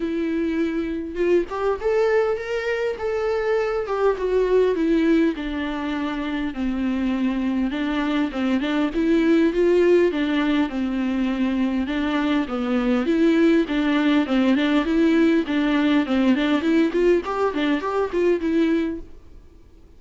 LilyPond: \new Staff \with { instrumentName = "viola" } { \time 4/4 \tempo 4 = 101 e'2 f'8 g'8 a'4 | ais'4 a'4. g'8 fis'4 | e'4 d'2 c'4~ | c'4 d'4 c'8 d'8 e'4 |
f'4 d'4 c'2 | d'4 b4 e'4 d'4 | c'8 d'8 e'4 d'4 c'8 d'8 | e'8 f'8 g'8 d'8 g'8 f'8 e'4 | }